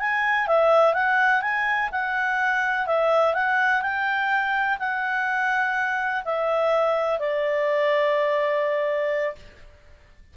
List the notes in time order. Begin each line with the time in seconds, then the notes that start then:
0.00 G#5
0.48 E5
0.94 F#5
1.42 G#5
1.92 F#5
2.87 E5
3.34 F#5
3.82 G5
4.80 F#5
6.25 E5
7.20 D5